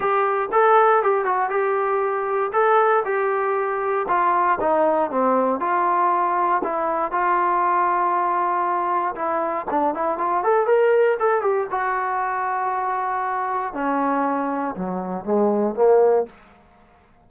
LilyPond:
\new Staff \with { instrumentName = "trombone" } { \time 4/4 \tempo 4 = 118 g'4 a'4 g'8 fis'8 g'4~ | g'4 a'4 g'2 | f'4 dis'4 c'4 f'4~ | f'4 e'4 f'2~ |
f'2 e'4 d'8 e'8 | f'8 a'8 ais'4 a'8 g'8 fis'4~ | fis'2. cis'4~ | cis'4 fis4 gis4 ais4 | }